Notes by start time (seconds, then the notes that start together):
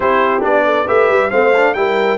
0.00 C4 E4 G4 C5
0.40 B3 D4 D5
0.64 A4
0.86 A3 G4 B4 E5
1.09 G3
1.29 A3 C4 C5 F5
1.56 D4
1.74 G3 E4 A#4 G5